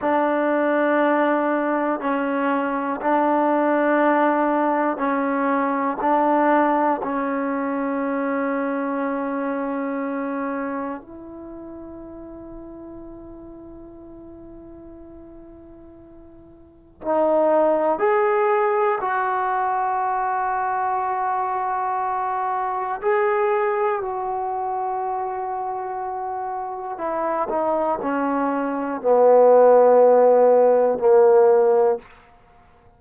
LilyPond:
\new Staff \with { instrumentName = "trombone" } { \time 4/4 \tempo 4 = 60 d'2 cis'4 d'4~ | d'4 cis'4 d'4 cis'4~ | cis'2. e'4~ | e'1~ |
e'4 dis'4 gis'4 fis'4~ | fis'2. gis'4 | fis'2. e'8 dis'8 | cis'4 b2 ais4 | }